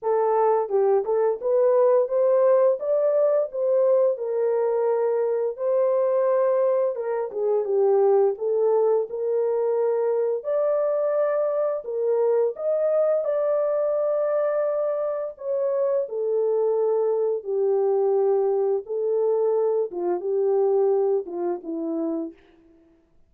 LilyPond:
\new Staff \with { instrumentName = "horn" } { \time 4/4 \tempo 4 = 86 a'4 g'8 a'8 b'4 c''4 | d''4 c''4 ais'2 | c''2 ais'8 gis'8 g'4 | a'4 ais'2 d''4~ |
d''4 ais'4 dis''4 d''4~ | d''2 cis''4 a'4~ | a'4 g'2 a'4~ | a'8 f'8 g'4. f'8 e'4 | }